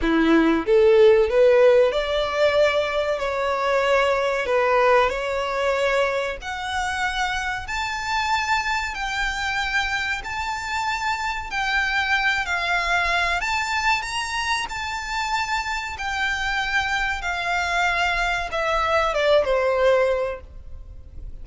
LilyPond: \new Staff \with { instrumentName = "violin" } { \time 4/4 \tempo 4 = 94 e'4 a'4 b'4 d''4~ | d''4 cis''2 b'4 | cis''2 fis''2 | a''2 g''2 |
a''2 g''4. f''8~ | f''4 a''4 ais''4 a''4~ | a''4 g''2 f''4~ | f''4 e''4 d''8 c''4. | }